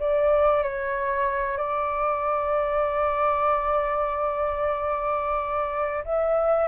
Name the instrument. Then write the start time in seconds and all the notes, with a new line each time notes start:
flute
0.00 D5
0.64 C#5
1.58 D5
6.05 E5